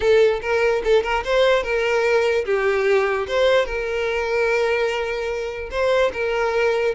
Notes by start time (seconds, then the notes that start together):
0.00 A4
0.41 A#4
0.83 A4
1.03 A#4
1.24 C5
1.63 A#4
2.45 G4
3.27 C5
3.65 A#4
5.71 C5
6.13 A#4